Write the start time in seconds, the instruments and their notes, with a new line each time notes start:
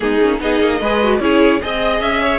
0.00 cello G#3, viola B3, violin D#4 G#4
0.21 cello A#3, viola C#4
0.39 cello B3, viola D#4, violin G#4 D#5
0.60 cello A#3
0.80 cello G#3, viola G#4, violin B4
1.02 viola F#4
1.20 cello C#4, viola E4, violin G#4 C#5
1.61 cello C4, viola G#4, violin D#5
2.00 cello C#4, violin E5
2.22 violin C#5